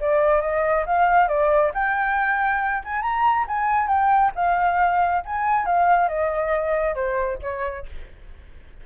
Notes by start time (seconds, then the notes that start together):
0.00 D5
0.41 D#5
0.86 F5
1.28 D5
1.74 G5
2.84 G#5
3.02 A#5
3.48 G#5
3.88 G5
4.35 F5
5.25 G#5
5.66 F5
6.08 D#5
6.95 C5
7.42 C#5